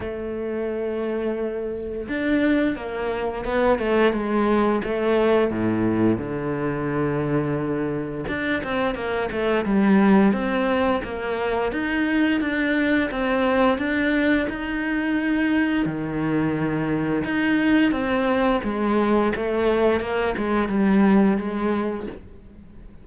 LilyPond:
\new Staff \with { instrumentName = "cello" } { \time 4/4 \tempo 4 = 87 a2. d'4 | ais4 b8 a8 gis4 a4 | a,4 d2. | d'8 c'8 ais8 a8 g4 c'4 |
ais4 dis'4 d'4 c'4 | d'4 dis'2 dis4~ | dis4 dis'4 c'4 gis4 | a4 ais8 gis8 g4 gis4 | }